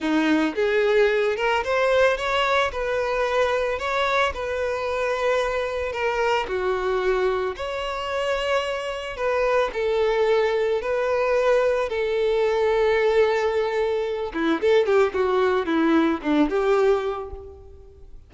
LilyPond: \new Staff \with { instrumentName = "violin" } { \time 4/4 \tempo 4 = 111 dis'4 gis'4. ais'8 c''4 | cis''4 b'2 cis''4 | b'2. ais'4 | fis'2 cis''2~ |
cis''4 b'4 a'2 | b'2 a'2~ | a'2~ a'8 e'8 a'8 g'8 | fis'4 e'4 d'8 g'4. | }